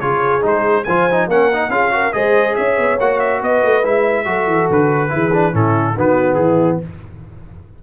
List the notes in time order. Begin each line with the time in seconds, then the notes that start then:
0.00 C#3 F4 G#4 C#5
0.42 G#3 D#4 C5
0.84 F3 F4 C5 G#5
1.11 D#4
1.28 A#3 C#4 A#4 F#5
1.54 D#4
1.70 C#4 F4 G#4 F5
1.92 F#4 A#4
2.13 G#3 G#4 C5 D#5
2.56 C#4 C#5 E5
2.78 B3
3.00 A#3 F#4 F#5
3.20 E5
3.40 B3 B4 D#5
3.64 A3
3.84 G#3 E4 E5
4.26 F#3 F#4 A4
4.47 E3
4.70 D3 B4
5.10 E3 E4 G#4
5.34 D4
5.53 A2 C#4 E4 A4
5.97 D#3 B3 F#4 B4
6.35 E3 G#4
6.41 E4